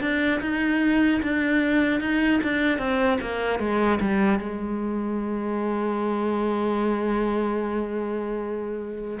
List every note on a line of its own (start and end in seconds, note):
0.00 0.40 D4
0.41 1.21 D#4
1.22 2.00 D4
2.00 2.40 D#4
2.43 2.78 D4
2.78 3.18 C4
3.21 3.59 A#3
3.59 3.99 G#3
4.00 4.39 G3
4.39 9.19 G#3